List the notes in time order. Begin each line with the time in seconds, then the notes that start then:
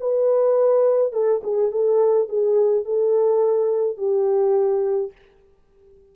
0.00 B4
1.12 A4
1.43 G#4
1.71 A4
2.28 G#4
2.85 A4
3.97 G4